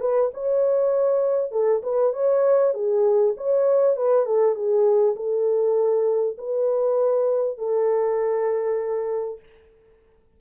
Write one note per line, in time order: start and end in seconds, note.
0.00 0.30 B4
0.34 1.51 C#5
1.51 1.82 A4
1.83 2.13 B4
2.13 2.74 C#5
2.74 3.34 G#4
3.37 3.97 C#5
3.97 4.26 B4
4.26 4.55 A4
4.55 5.15 G#4
5.16 6.37 A4
6.38 7.58 B4
7.58 9.39 A4